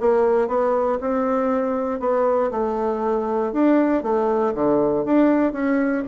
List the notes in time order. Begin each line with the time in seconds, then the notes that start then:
0.00 A#3
0.47 B3
1.00 C4
1.99 B3
2.51 A3
3.52 D4
4.03 A3
4.54 D3
5.05 D4
5.52 C#4